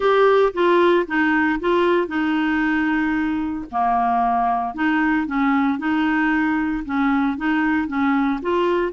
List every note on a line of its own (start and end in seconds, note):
0.00 0.52 G4
0.53 1.06 F4
1.07 1.59 D#4
1.60 2.07 F4
2.07 3.65 D#4
3.71 4.74 A#3
4.74 5.26 D#4
5.26 5.78 C#4
5.78 6.83 D#4
6.85 7.37 C#4
7.37 7.87 D#4
7.87 8.40 C#4
8.42 8.92 F4